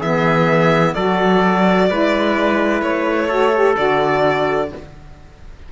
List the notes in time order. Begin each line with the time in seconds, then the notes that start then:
0.00 E3 B3 G#4 E5
0.94 F#3 F#4 A4 D5
1.90 G#3 E4 B4
2.82 A3 C#5
3.28 F#4 A4
3.54 G4
3.75 D3 F#4 D5